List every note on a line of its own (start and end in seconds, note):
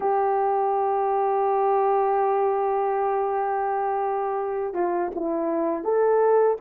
0.00 4.74 G4
4.74 5.10 F4
5.15 5.84 E4
5.84 6.57 A4